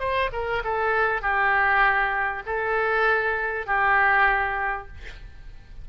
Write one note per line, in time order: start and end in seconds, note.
0.00 0.30 C5
0.33 0.63 A#4
0.64 1.22 A4
1.22 2.43 G4
2.46 3.67 A4
3.67 4.88 G4